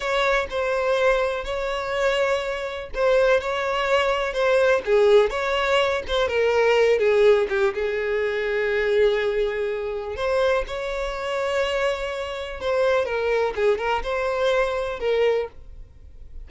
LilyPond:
\new Staff \with { instrumentName = "violin" } { \time 4/4 \tempo 4 = 124 cis''4 c''2 cis''4~ | cis''2 c''4 cis''4~ | cis''4 c''4 gis'4 cis''4~ | cis''8 c''8 ais'4. gis'4 g'8 |
gis'1~ | gis'4 c''4 cis''2~ | cis''2 c''4 ais'4 | gis'8 ais'8 c''2 ais'4 | }